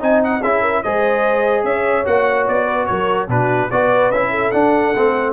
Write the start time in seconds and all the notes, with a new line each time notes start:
0.00 C4 D#4 D#5 G#5
0.24 F#5
0.42 C#4 E4 G#4 E5
0.62 A#4
0.83 G#3 G#4 C5 D#5
1.64 C#4 C#5 E5
2.05 A#3 F#4 F#5
2.48 B3 D5
2.67 B4
2.86 F#3 A#4 C#5
3.29 B2 D4 F#4 B4
3.71 B3 F#4 B4 D5
4.11 C#4 E4 E5
4.31 A4
4.52 D4 F#5
4.96 A3 C4